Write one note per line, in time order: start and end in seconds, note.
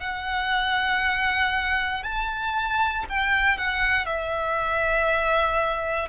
0.00 2.03 F#5
2.03 3.05 A5
3.09 3.58 G5
3.58 4.06 F#5
4.06 6.09 E5